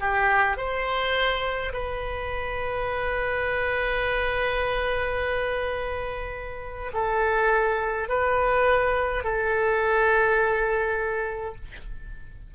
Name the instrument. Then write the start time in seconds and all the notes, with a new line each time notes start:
oboe
0.00 G4
0.57 C5
1.73 B4
6.93 A4
8.08 B4
9.24 A4